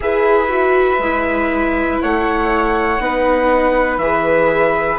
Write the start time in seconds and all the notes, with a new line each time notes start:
0.00 E4 G#4 B4 E5
0.48 F#4
0.99 G#3 E4
2.01 A3 C#5 F#5
2.99 B3 D#4 B4
3.98 E3 G#4 E5